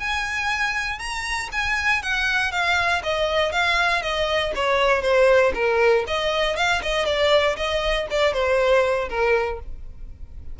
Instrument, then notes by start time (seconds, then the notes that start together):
violin
0.00 G#5
0.99 A#5
1.52 G#5
2.02 F#5
2.52 F5
3.03 D#5
3.52 F5
4.02 D#5
4.55 C#5
5.02 C5
5.55 A#4
6.07 D#5
6.57 F5
6.83 D#5
7.06 D5
7.57 D#5
8.10 D5
8.34 C5
9.09 A#4